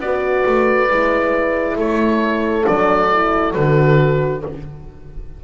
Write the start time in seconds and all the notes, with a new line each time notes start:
0.00 B3 F#4 B4 D5
0.46 A3
0.90 G#3 E4
1.76 A3 A4 C#5
2.64 F#3 D4 D5
3.12 E4
3.53 D3 F#4 B4